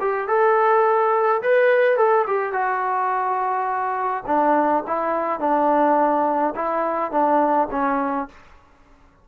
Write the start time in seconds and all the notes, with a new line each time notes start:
0.00 G4
0.27 A4
1.42 B4
1.97 A4
2.27 G4
2.52 F#4
4.26 D4
4.86 E4
5.39 D4
6.55 E4
7.11 D4
7.71 C#4